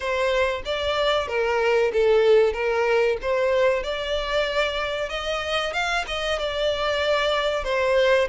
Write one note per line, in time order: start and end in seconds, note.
0.00 0.62 C5
0.65 1.27 D5
1.27 1.91 A#4
1.93 2.53 A4
2.53 3.17 A#4
3.21 3.83 C5
3.83 5.09 D5
5.09 5.73 D#5
5.73 6.05 F5
6.07 6.39 D#5
6.39 7.64 D5
7.64 8.27 C5